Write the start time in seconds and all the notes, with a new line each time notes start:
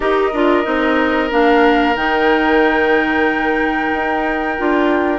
0.00 D#4 G4 A#4 D#5
0.33 D4 F4
0.63 C4 D#4
1.30 A#3 D4 F5
1.95 D#3 D#4 G5
3.93 D#4
4.57 D4 F4